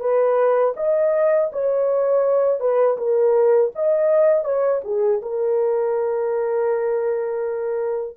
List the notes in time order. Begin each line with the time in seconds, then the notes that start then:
0.00 B4
0.77 D#5
1.53 C#5
2.60 B4
2.97 A#4
3.75 D#5
4.44 C#5
4.84 G#4
5.22 A#4